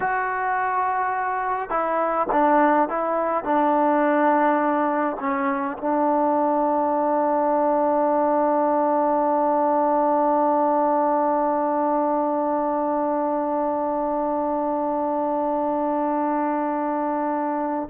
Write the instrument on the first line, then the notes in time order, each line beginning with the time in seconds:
trombone
0.00 F#4
1.69 E4
2.31 D4
2.88 E4
3.44 D4
5.19 C#4
5.77 D4